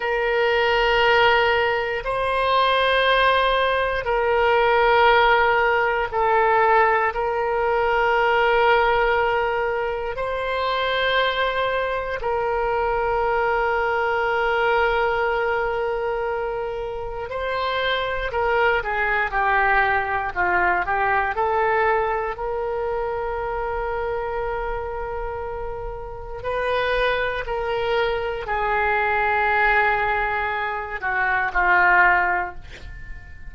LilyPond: \new Staff \with { instrumentName = "oboe" } { \time 4/4 \tempo 4 = 59 ais'2 c''2 | ais'2 a'4 ais'4~ | ais'2 c''2 | ais'1~ |
ais'4 c''4 ais'8 gis'8 g'4 | f'8 g'8 a'4 ais'2~ | ais'2 b'4 ais'4 | gis'2~ gis'8 fis'8 f'4 | }